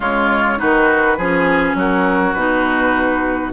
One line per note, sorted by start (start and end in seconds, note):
0.00 0.58 C#3
0.00 0.57 G#3
0.00 0.58 F4
0.00 0.59 C#5
0.57 1.17 D#3
0.57 1.16 D#4
0.57 1.17 F#4
0.57 1.76 B4
1.17 1.74 F3
1.17 2.36 C#4
1.17 1.76 G#4
1.74 2.33 F#3
1.74 3.52 F#4
1.74 2.33 A#4
2.33 3.52 B2
2.33 3.52 D#4
2.33 3.51 B4